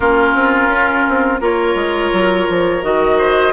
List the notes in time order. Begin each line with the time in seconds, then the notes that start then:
0.00 A#3 C#4 F4 A#4
0.34 C4
0.67 C#4
1.08 C4
1.40 A#3 F4 A#4 C#5
1.75 G#3
2.12 F#3
2.48 F3
2.82 D#3 F#4 D#5
3.17 C5